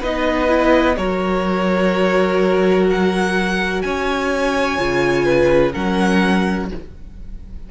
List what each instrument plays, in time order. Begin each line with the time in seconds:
0.00 cello B3, viola D#4, violin B4 D#5
0.48 viola E4
0.96 cello F#3, viola F#4, violin A#4 C#5
2.90 violin F#5
3.82 cello C#4, violin C#5 G#5
4.78 cello C#3, viola F4
5.25 violin B4
5.72 cello F#3, viola C#4, violin A#4 F#5